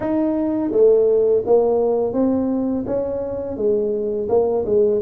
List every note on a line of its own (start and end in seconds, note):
0.00 0.71 D#4
0.71 1.43 A3
1.45 2.13 A#3
2.13 2.84 C4
2.86 3.56 C#4
3.56 4.28 G#3
4.29 4.64 A#3
4.65 5.01 G#3